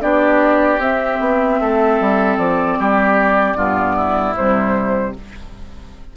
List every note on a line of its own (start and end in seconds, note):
0.00 0.78 B3
0.00 0.79 D4
0.00 1.60 G4
0.00 0.80 D5
0.78 1.17 C4
0.78 3.56 C4
0.78 2.37 E5
1.20 1.59 B3
1.60 2.00 A3
1.60 2.78 A4
2.00 2.37 G3
2.37 2.77 F3
2.37 4.35 D5
2.79 3.55 G3
2.79 3.57 G4
3.55 4.34 G2
3.55 4.35 B3
3.55 3.95 F4
3.95 5.14 E4
4.35 5.16 C3
4.35 5.14 G3
4.35 5.15 C5